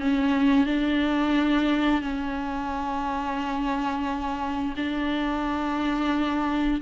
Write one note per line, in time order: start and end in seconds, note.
0.00 0.66 C#4
0.66 2.01 D4
2.01 4.74 C#4
4.76 6.81 D4